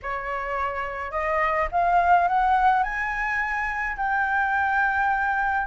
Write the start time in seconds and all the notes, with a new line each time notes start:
0.02 C#5
1.11 D#5
1.71 F5
2.27 F#5
2.83 G#5
3.96 G5